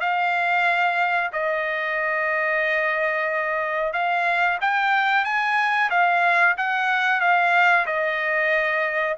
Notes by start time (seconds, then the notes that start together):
0.00 F5
1.33 D#5
3.93 F5
4.61 G5
5.24 G#5
5.90 F5
6.57 F#5
7.20 F5
7.86 D#5